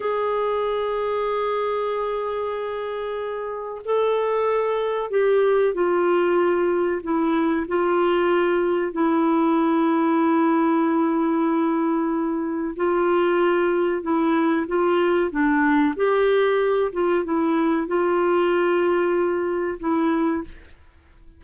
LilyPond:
\new Staff \with { instrumentName = "clarinet" } { \time 4/4 \tempo 4 = 94 gis'1~ | gis'2 a'2 | g'4 f'2 e'4 | f'2 e'2~ |
e'1 | f'2 e'4 f'4 | d'4 g'4. f'8 e'4 | f'2. e'4 | }